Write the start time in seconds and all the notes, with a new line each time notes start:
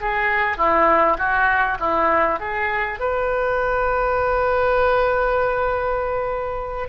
0.00 G#4
0.57 E4
1.18 F#4
1.79 E4
2.39 G#4
2.99 B4